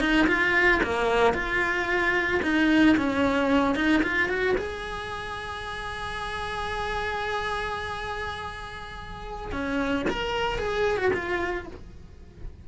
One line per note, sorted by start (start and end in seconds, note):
0.00 0.27 D#4
0.28 0.81 F4
0.84 1.34 A#3
1.34 2.41 F4
2.43 2.96 D#4
2.97 3.75 C#4
3.75 4.02 D#4
4.03 4.29 F4
4.29 4.56 F#4
4.58 9.52 G#4
9.52 10.06 C#4
10.10 10.59 A#4
10.59 10.98 G#4
10.98 11.11 F#4
11.14 11.68 F4